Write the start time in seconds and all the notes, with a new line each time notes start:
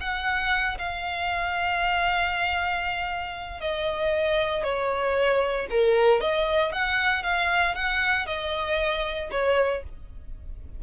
0.00 F#5
0.78 F5
3.60 D#5
4.63 C#5
5.70 A#4
6.21 D#5
6.72 F#5
7.23 F5
7.75 F#5
8.26 D#5
9.31 C#5